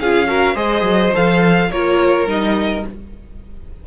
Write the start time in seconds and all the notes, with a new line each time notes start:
0.00 C#4 F4 G#4 F5
0.27 F#4 A#4
0.54 G#3 G#4 C5 D#5
0.82 F#3
1.14 F3 A4 F5
1.70 A#3 F4 A#4 C#5
2.26 G3 D#4 D#5